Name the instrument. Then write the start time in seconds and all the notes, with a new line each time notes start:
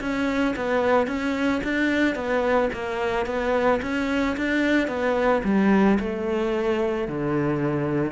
cello
0.00 C#4
0.56 B3
1.07 C#4
1.63 D4
2.15 B3
2.73 A#3
3.26 B3
3.82 C#4
4.36 D4
4.87 B3
5.44 G3
5.99 A3
7.08 D3